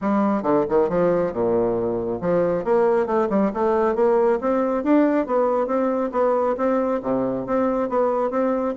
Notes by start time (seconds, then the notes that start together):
0.01 G3
0.43 D3
0.69 D#3
0.89 F3
1.32 A#2
2.21 F3
2.64 A#3
3.06 A3
3.29 G3
3.53 A3
3.95 A#3
4.40 C4
4.83 D4
5.26 B3
5.66 C4
6.12 B3
6.57 C4
7.02 C3
7.46 C4
7.89 B3
8.30 C4